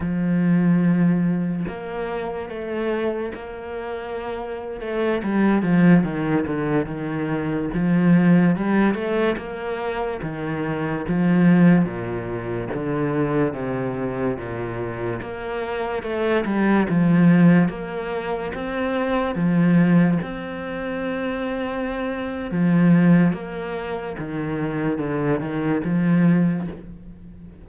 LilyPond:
\new Staff \with { instrumentName = "cello" } { \time 4/4 \tempo 4 = 72 f2 ais4 a4 | ais4.~ ais16 a8 g8 f8 dis8 d16~ | d16 dis4 f4 g8 a8 ais8.~ | ais16 dis4 f4 ais,4 d8.~ |
d16 c4 ais,4 ais4 a8 g16~ | g16 f4 ais4 c'4 f8.~ | f16 c'2~ c'8. f4 | ais4 dis4 d8 dis8 f4 | }